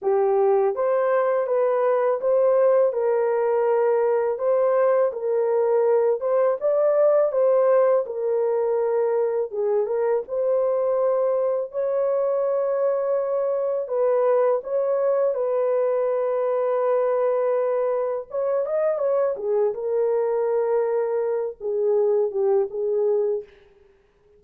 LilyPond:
\new Staff \with { instrumentName = "horn" } { \time 4/4 \tempo 4 = 82 g'4 c''4 b'4 c''4 | ais'2 c''4 ais'4~ | ais'8 c''8 d''4 c''4 ais'4~ | ais'4 gis'8 ais'8 c''2 |
cis''2. b'4 | cis''4 b'2.~ | b'4 cis''8 dis''8 cis''8 gis'8 ais'4~ | ais'4. gis'4 g'8 gis'4 | }